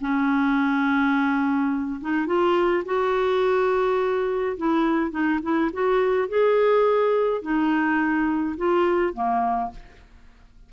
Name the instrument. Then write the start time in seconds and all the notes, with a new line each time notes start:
clarinet
0.00 C#4
2.01 D#4
2.26 F4
2.85 F#4
4.57 E4
5.11 D#4
5.42 E4
5.72 F#4
6.28 G#4
7.42 D#4
8.57 F4
9.13 A#3